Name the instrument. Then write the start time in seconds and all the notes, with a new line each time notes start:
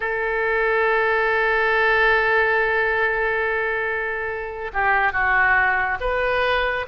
oboe
0.00 A4
4.73 G4
5.12 F#4
6.00 B4